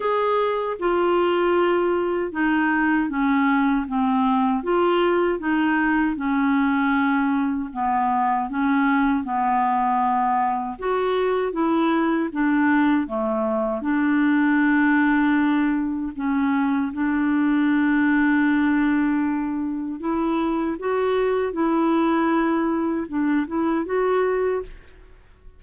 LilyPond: \new Staff \with { instrumentName = "clarinet" } { \time 4/4 \tempo 4 = 78 gis'4 f'2 dis'4 | cis'4 c'4 f'4 dis'4 | cis'2 b4 cis'4 | b2 fis'4 e'4 |
d'4 a4 d'2~ | d'4 cis'4 d'2~ | d'2 e'4 fis'4 | e'2 d'8 e'8 fis'4 | }